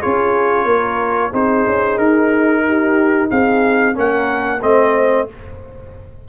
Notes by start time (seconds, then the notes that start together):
0.00 C#4 F4 G#4 C#5
0.65 A#3 A#4
1.32 C4 D#4 G#4 C5
1.67 C#4
1.98 D#4 A#4
2.68 G4
3.30 C4 G#4 F5
3.95 A#3 C#4 A#4 F#5
4.62 A3 C4 C5 D#5